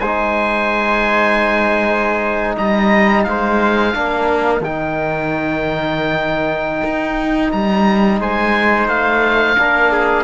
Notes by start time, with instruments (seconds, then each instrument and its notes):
0.00 cello G#3, trombone D#4, trumpet C5, oboe G#5
2.58 cello G3, trumpet D#5, oboe A#5
3.24 cello G#3, trumpet C5, oboe F5
3.94 cello A#3, trombone D4, trumpet A#4
4.61 cello D#3, trombone D#4, oboe G5
6.84 cello D#4
7.52 cello G3, oboe A#5
8.20 cello G#3, trumpet C5, oboe G#5
8.88 cello A3, oboe F5
9.57 cello A#3, trombone D4, trumpet A#4
9.92 trumpet G#4